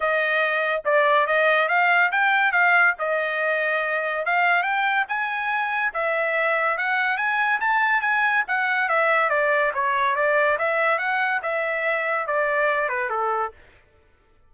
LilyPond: \new Staff \with { instrumentName = "trumpet" } { \time 4/4 \tempo 4 = 142 dis''2 d''4 dis''4 | f''4 g''4 f''4 dis''4~ | dis''2 f''4 g''4 | gis''2 e''2 |
fis''4 gis''4 a''4 gis''4 | fis''4 e''4 d''4 cis''4 | d''4 e''4 fis''4 e''4~ | e''4 d''4. b'8 a'4 | }